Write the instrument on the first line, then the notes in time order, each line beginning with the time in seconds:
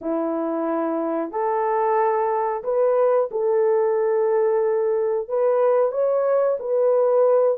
horn
0.01 E4
1.31 A4
2.63 B4
3.31 A4
5.28 B4
5.91 C#5
6.59 B4